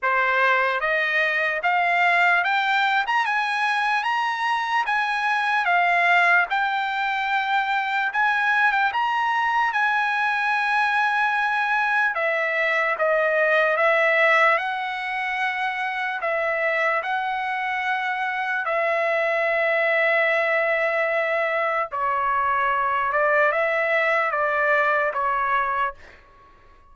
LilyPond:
\new Staff \with { instrumentName = "trumpet" } { \time 4/4 \tempo 4 = 74 c''4 dis''4 f''4 g''8. ais''16 | gis''4 ais''4 gis''4 f''4 | g''2 gis''8. g''16 ais''4 | gis''2. e''4 |
dis''4 e''4 fis''2 | e''4 fis''2 e''4~ | e''2. cis''4~ | cis''8 d''8 e''4 d''4 cis''4 | }